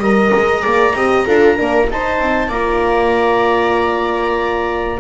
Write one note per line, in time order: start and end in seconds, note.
0.00 0.31 G3
0.00 0.62 A#4
0.00 0.63 D#5
0.00 1.90 A#5
0.34 0.65 G#3
0.62 0.95 A#3
0.62 0.93 G#4
0.62 0.94 D5
0.95 1.26 C4
0.95 1.27 G4
0.95 1.26 D#5
1.26 1.59 D4
1.26 1.57 F4
1.26 1.57 A4
1.57 1.91 A#3
1.57 1.88 D4
1.57 1.88 A#4
1.90 2.20 D#4
1.90 2.52 D#4
1.90 2.49 C5
1.90 2.51 A5
2.20 2.49 C4
2.49 4.99 A#3
2.49 5.01 F4
2.49 4.99 D5
2.49 5.01 A#5